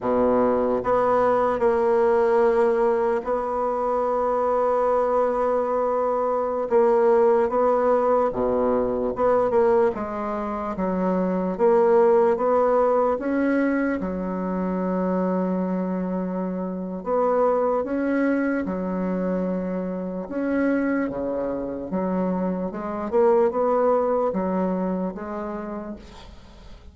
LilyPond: \new Staff \with { instrumentName = "bassoon" } { \time 4/4 \tempo 4 = 74 b,4 b4 ais2 | b1~ | b16 ais4 b4 b,4 b8 ais16~ | ais16 gis4 fis4 ais4 b8.~ |
b16 cis'4 fis2~ fis8.~ | fis4 b4 cis'4 fis4~ | fis4 cis'4 cis4 fis4 | gis8 ais8 b4 fis4 gis4 | }